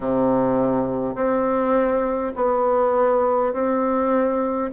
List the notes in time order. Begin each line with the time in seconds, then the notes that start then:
0.00 C3
1.15 C4
2.35 B3
3.53 C4